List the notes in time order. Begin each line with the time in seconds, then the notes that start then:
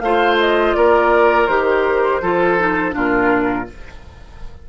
0.00 A3 F4 C5 F5
0.40 D#5
0.75 A#3 A#4 D5
1.47 D#3 G4 C5
2.22 F3 F4 A4
2.59 D#4
2.92 A#2 D4 F4 A#4